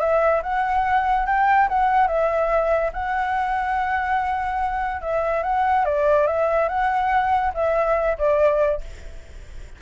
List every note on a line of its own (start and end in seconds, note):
0.00 0.42 E5
0.43 1.26 F#5
1.26 1.68 G5
1.69 2.08 F#5
2.08 2.91 E5
2.93 5.01 F#5
5.01 5.43 E5
5.43 5.85 F#5
5.85 6.27 D5
6.27 6.69 E5
6.69 7.53 F#5
7.54 8.17 E5
8.18 8.81 D5